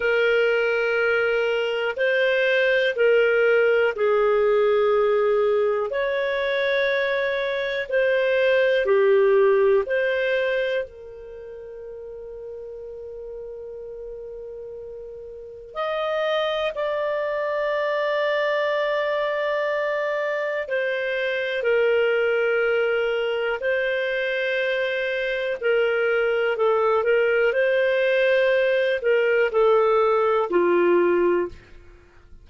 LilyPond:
\new Staff \with { instrumentName = "clarinet" } { \time 4/4 \tempo 4 = 61 ais'2 c''4 ais'4 | gis'2 cis''2 | c''4 g'4 c''4 ais'4~ | ais'1 |
dis''4 d''2.~ | d''4 c''4 ais'2 | c''2 ais'4 a'8 ais'8 | c''4. ais'8 a'4 f'4 | }